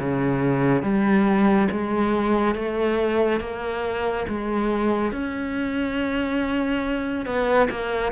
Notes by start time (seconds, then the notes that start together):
0.00 C#3
0.83 G3
1.71 G#3
2.55 A3
3.41 A#3
4.29 G#3
5.12 C#4
7.26 B3
7.71 A#3